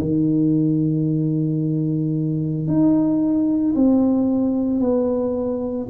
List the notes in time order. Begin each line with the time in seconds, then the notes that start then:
0.00 D#3
2.67 D#4
3.75 C4
4.80 B3